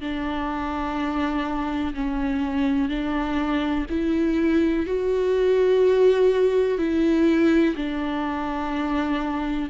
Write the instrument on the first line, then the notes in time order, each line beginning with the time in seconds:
viola
0.00 D4
1.94 C#4
2.89 D4
3.90 E4
4.86 F#4
6.78 E4
7.76 D4